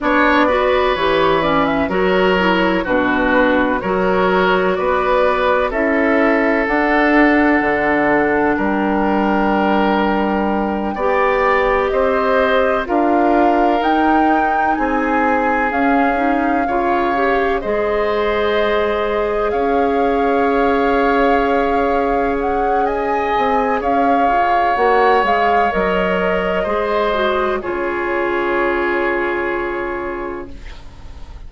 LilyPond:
<<
  \new Staff \with { instrumentName = "flute" } { \time 4/4 \tempo 4 = 63 d''4 cis''8 d''16 e''16 cis''4 b'4 | cis''4 d''4 e''4 fis''4~ | fis''4 g''2.~ | g''8 dis''4 f''4 g''4 gis''8~ |
gis''8 f''2 dis''4.~ | dis''8 f''2. fis''8 | gis''4 f''4 fis''8 f''8 dis''4~ | dis''4 cis''2. | }
  \new Staff \with { instrumentName = "oboe" } { \time 4/4 cis''8 b'4. ais'4 fis'4 | ais'4 b'4 a'2~ | a'4 ais'2~ ais'8 d''8~ | d''8 c''4 ais'2 gis'8~ |
gis'4. cis''4 c''4.~ | c''8 cis''2.~ cis''8 | dis''4 cis''2. | c''4 gis'2. | }
  \new Staff \with { instrumentName = "clarinet" } { \time 4/4 d'8 fis'8 g'8 cis'8 fis'8 e'8 d'4 | fis'2 e'4 d'4~ | d'2.~ d'8 g'8~ | g'4. f'4 dis'4.~ |
dis'8 cis'8 dis'8 f'8 g'8 gis'4.~ | gis'1~ | gis'2 fis'8 gis'8 ais'4 | gis'8 fis'8 f'2. | }
  \new Staff \with { instrumentName = "bassoon" } { \time 4/4 b4 e4 fis4 b,4 | fis4 b4 cis'4 d'4 | d4 g2~ g8 b8~ | b8 c'4 d'4 dis'4 c'8~ |
c'8 cis'4 cis4 gis4.~ | gis8 cis'2.~ cis'8~ | cis'8 c'8 cis'8 f'8 ais8 gis8 fis4 | gis4 cis2. | }
>>